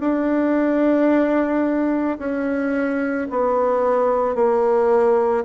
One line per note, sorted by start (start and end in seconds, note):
0.00 2.18 D4
2.19 3.28 C#4
3.30 4.35 B3
4.35 5.44 A#3